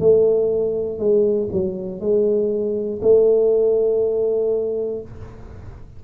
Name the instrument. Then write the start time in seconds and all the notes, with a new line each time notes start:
tuba
0.00 A3
0.99 G#3
1.52 F#3
2.00 G#3
3.02 A3